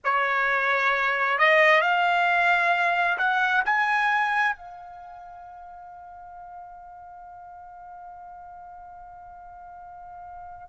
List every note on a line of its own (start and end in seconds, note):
0.04 1.38 C#5
1.38 1.81 D#5
1.81 3.17 F5
3.18 3.63 F#5
3.65 4.56 G#5
4.56 10.68 F5